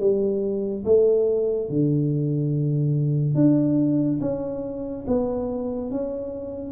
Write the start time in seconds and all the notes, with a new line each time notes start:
0.00 G3
0.85 A3
1.70 D3
3.35 D4
4.21 C#4
5.08 B3
5.92 C#4